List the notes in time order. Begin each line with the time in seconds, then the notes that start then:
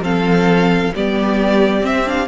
0.00 F3 C4 A4 F5
0.95 G3 B3 G4 D5
1.82 C4 E5
2.06 D4 F5